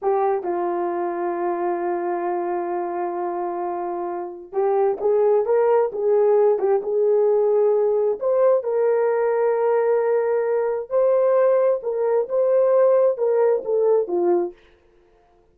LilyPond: \new Staff \with { instrumentName = "horn" } { \time 4/4 \tempo 4 = 132 g'4 f'2.~ | f'1~ | f'2 g'4 gis'4 | ais'4 gis'4. g'8 gis'4~ |
gis'2 c''4 ais'4~ | ais'1 | c''2 ais'4 c''4~ | c''4 ais'4 a'4 f'4 | }